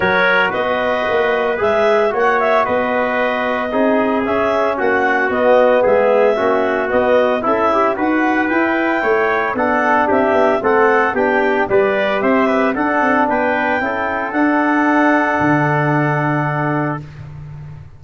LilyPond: <<
  \new Staff \with { instrumentName = "clarinet" } { \time 4/4 \tempo 4 = 113 cis''4 dis''2 e''4 | fis''8 e''8 dis''2. | e''4 fis''4 dis''4 e''4~ | e''4 dis''4 e''4 fis''4 |
g''2 fis''4 e''4 | fis''4 g''4 d''4 e''4 | fis''4 g''2 fis''4~ | fis''1 | }
  \new Staff \with { instrumentName = "trumpet" } { \time 4/4 ais'4 b'2. | cis''4 b'2 gis'4~ | gis'4 fis'2 gis'4 | fis'2 e'4 b'4~ |
b'4 cis''4 a'4 g'4 | a'4 g'4 b'4 c''8 b'8 | a'4 b'4 a'2~ | a'1 | }
  \new Staff \with { instrumentName = "trombone" } { \time 4/4 fis'2. gis'4 | fis'2. dis'4 | cis'2 b2 | cis'4 b4 a'8 g'8 fis'4 |
e'2 d'2 | c'4 d'4 g'2 | d'2 e'4 d'4~ | d'1 | }
  \new Staff \with { instrumentName = "tuba" } { \time 4/4 fis4 b4 ais4 gis4 | ais4 b2 c'4 | cis'4 ais4 b4 gis4 | ais4 b4 cis'4 dis'4 |
e'4 a4 b4 c'8 b8 | a4 b4 g4 c'4 | d'8 c'8 b4 cis'4 d'4~ | d'4 d2. | }
>>